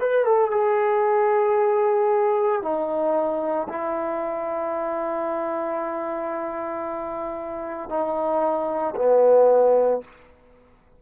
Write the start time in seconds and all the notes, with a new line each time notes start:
0.00 B4
0.25 A4
0.51 G#4
2.62 D#4
3.68 E4
7.89 D#4
8.96 B3